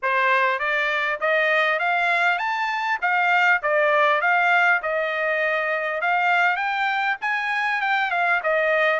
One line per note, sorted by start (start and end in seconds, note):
0.02 0.59 C5
0.59 1.19 D5
1.20 1.79 D#5
1.79 2.38 F5
2.38 2.98 A5
3.01 3.61 F5
3.62 4.21 D5
4.21 4.81 F5
4.82 6.01 D#5
6.01 6.56 F5
6.56 7.16 G5
7.21 7.81 G#5
7.81 8.10 G5
8.10 8.40 F5
8.43 8.99 D#5